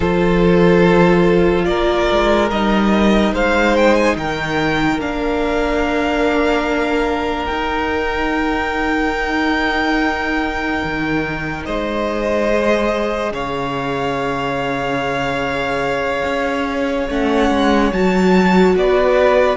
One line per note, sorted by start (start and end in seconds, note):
0.00 1.66 F3
0.00 2.51 F4
0.00 1.65 A4
0.00 1.65 C5
1.65 2.07 A#3
1.65 3.33 A#4
1.65 2.48 D5
2.11 2.51 G#3
2.51 3.33 G3
2.51 4.99 D#4
2.51 3.34 D#5
3.33 4.16 G#3
3.33 4.16 C5
3.33 3.76 F5
3.76 3.94 G5
3.94 4.15 G#5
4.16 4.98 D#3
4.16 11.66 A#4
4.16 5.00 G5
4.98 7.48 A#3
4.98 7.49 D4
4.98 7.45 F5
7.45 10.82 D#4
7.45 11.62 G5
7.51 12.50 D#4
10.84 11.66 D#3
11.65 13.30 G#3
11.65 13.32 C5
11.65 13.32 D#5
12.50 17.08 G#4
13.30 16.22 C#3
13.30 18.75 C#5
13.30 17.09 F5
16.24 17.07 C#4
17.08 17.49 A3
17.08 17.92 C#4
17.08 17.92 F#5
17.49 17.91 G#3
17.92 18.75 F#3
17.92 19.57 F#4
17.92 18.75 A5
18.75 19.57 B3
18.75 19.57 B4
18.75 19.57 D5